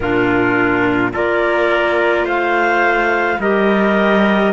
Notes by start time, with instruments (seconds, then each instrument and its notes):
0.00 cello A#2, clarinet D4 A#4, trumpet F4
1.12 cello A#3, clarinet F4 D5, trumpet A#4
2.24 cello A3, trumpet C5, clarinet F5
3.39 cello G3, clarinet G4 D#5, trumpet A#4